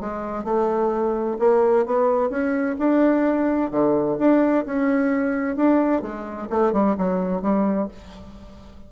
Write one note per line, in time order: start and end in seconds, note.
0.00 0.44 G#3
0.44 1.37 A3
1.39 1.86 A#3
1.86 2.30 B3
2.30 2.76 C#4
2.78 3.71 D4
3.71 4.17 D3
4.19 4.65 D4
4.66 5.56 C#4
5.56 6.02 D4
6.02 6.48 G#3
6.50 6.72 A3
6.72 6.96 G3
6.98 7.41 F#3
7.41 7.88 G3